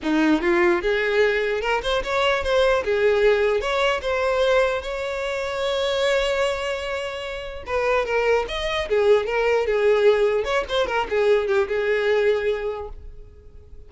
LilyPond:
\new Staff \with { instrumentName = "violin" } { \time 4/4 \tempo 4 = 149 dis'4 f'4 gis'2 | ais'8 c''8 cis''4 c''4 gis'4~ | gis'4 cis''4 c''2 | cis''1~ |
cis''2. b'4 | ais'4 dis''4 gis'4 ais'4 | gis'2 cis''8 c''8 ais'8 gis'8~ | gis'8 g'8 gis'2. | }